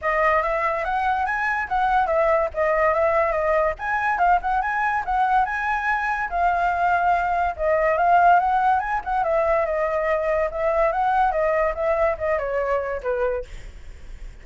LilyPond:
\new Staff \with { instrumentName = "flute" } { \time 4/4 \tempo 4 = 143 dis''4 e''4 fis''4 gis''4 | fis''4 e''4 dis''4 e''4 | dis''4 gis''4 f''8 fis''8 gis''4 | fis''4 gis''2 f''4~ |
f''2 dis''4 f''4 | fis''4 gis''8 fis''8 e''4 dis''4~ | dis''4 e''4 fis''4 dis''4 | e''4 dis''8 cis''4. b'4 | }